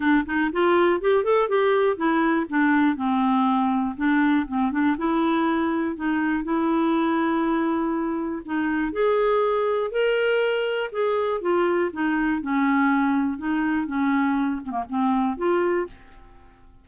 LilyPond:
\new Staff \with { instrumentName = "clarinet" } { \time 4/4 \tempo 4 = 121 d'8 dis'8 f'4 g'8 a'8 g'4 | e'4 d'4 c'2 | d'4 c'8 d'8 e'2 | dis'4 e'2.~ |
e'4 dis'4 gis'2 | ais'2 gis'4 f'4 | dis'4 cis'2 dis'4 | cis'4. c'16 ais16 c'4 f'4 | }